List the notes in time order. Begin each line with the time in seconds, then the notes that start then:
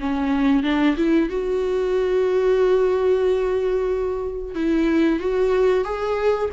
0.00 C#4
0.63 D4
0.97 E4
1.30 F#4
4.55 E4
5.20 F#4
5.84 G#4